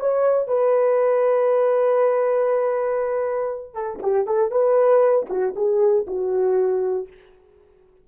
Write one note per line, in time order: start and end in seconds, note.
0.00 0.48 C#5
0.48 3.74 B4
3.74 3.99 A4
4.03 4.27 G4
4.27 4.51 A4
4.51 5.27 B4
5.30 5.55 F#4
5.56 6.06 G#4
6.08 7.08 F#4